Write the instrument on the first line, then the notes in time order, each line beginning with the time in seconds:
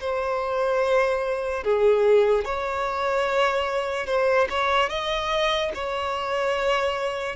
violin
0.00 C5
1.64 G#4
2.45 C#5
4.07 C5
4.50 C#5
4.89 D#5
5.75 C#5